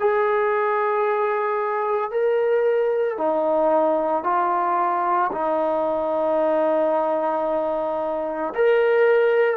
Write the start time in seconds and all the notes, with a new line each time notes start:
0.00 G#4
2.11 A#4
3.18 D#4
4.24 F4
5.32 D#4
8.55 A#4